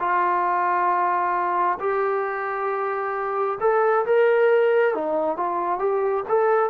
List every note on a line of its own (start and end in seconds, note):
0.00 1.79 F4
1.80 3.59 G4
3.61 4.06 A4
4.06 4.95 A#4
4.95 5.37 D#4
5.37 5.79 F4
5.79 6.24 G4
6.29 6.70 A4